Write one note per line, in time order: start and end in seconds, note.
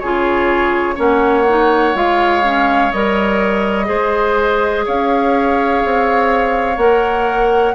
0.00 0.98 C#3
0.00 0.96 F4
0.00 0.96 G#4
0.00 0.97 C#5
0.96 1.95 A#3
0.96 1.45 C#4
0.96 3.86 C#5
0.96 1.97 F#5
1.49 1.95 D#4
1.95 2.92 G#3
1.95 2.43 F4
1.95 2.92 F5
2.43 2.91 C#4
2.92 3.90 G3
2.92 3.85 A#4
2.92 4.85 D#5
3.85 4.86 G#3
3.85 6.75 G#4
3.85 4.85 C5
4.86 5.84 C#4
4.86 7.75 C#5
4.86 6.78 F5
5.85 6.77 C4
6.77 7.74 A#3
6.77 7.75 A#4
6.77 7.75 F#5